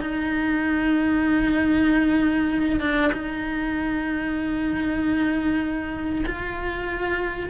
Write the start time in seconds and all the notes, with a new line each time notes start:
0.00 D#4
2.80 D4
3.12 D#4
6.26 F4